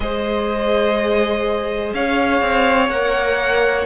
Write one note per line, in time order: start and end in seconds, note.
0.00 1.93 G#3
0.00 2.90 G#4
0.00 1.95 C5
0.00 1.93 D#5
1.93 2.41 C#4
1.93 3.86 C#5
1.93 2.89 F5
2.41 2.89 C4
2.89 3.85 A#3
2.89 3.86 A#4
2.89 3.86 F#5